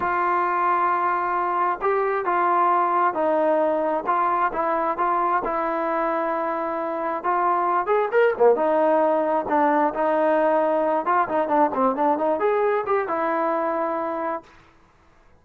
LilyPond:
\new Staff \with { instrumentName = "trombone" } { \time 4/4 \tempo 4 = 133 f'1 | g'4 f'2 dis'4~ | dis'4 f'4 e'4 f'4 | e'1 |
f'4. gis'8 ais'8 ais8 dis'4~ | dis'4 d'4 dis'2~ | dis'8 f'8 dis'8 d'8 c'8 d'8 dis'8 gis'8~ | gis'8 g'8 e'2. | }